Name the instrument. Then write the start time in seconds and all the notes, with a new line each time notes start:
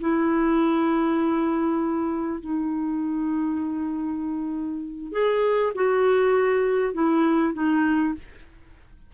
clarinet
0.00 E4
2.40 D#4
5.12 G#4
5.74 F#4
6.93 E4
7.53 D#4